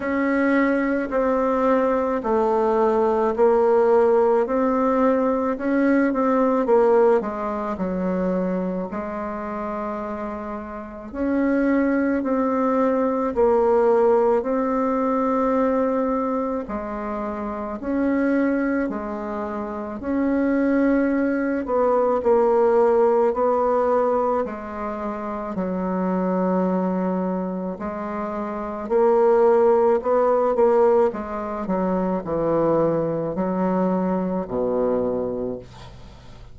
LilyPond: \new Staff \with { instrumentName = "bassoon" } { \time 4/4 \tempo 4 = 54 cis'4 c'4 a4 ais4 | c'4 cis'8 c'8 ais8 gis8 fis4 | gis2 cis'4 c'4 | ais4 c'2 gis4 |
cis'4 gis4 cis'4. b8 | ais4 b4 gis4 fis4~ | fis4 gis4 ais4 b8 ais8 | gis8 fis8 e4 fis4 b,4 | }